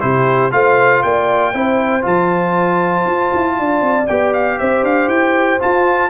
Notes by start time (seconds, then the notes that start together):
0.00 C3 E4 G4 C5
0.51 A3 F4 C5 F5
1.02 A#3 D5 G5
1.52 C4 E4 C5
2.01 F3 F4 A5
3.05 F4
3.33 E4
3.59 D4 D5
3.81 C4
4.07 B3 G4 G5
4.33 F5
4.58 C4 C5 E5
4.83 D4 F5
5.08 E4 G5
5.59 F4 A5